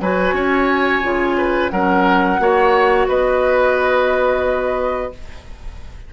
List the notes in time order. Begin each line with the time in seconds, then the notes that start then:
0.00 F#3 F#4 B4 G#5
0.33 C#4 C#5
1.02 C#3 F4
1.37 B4
1.69 F#3 C#4 A#4 F#5
2.39 A#3 F#4 C#5
3.07 B3 B4 D#5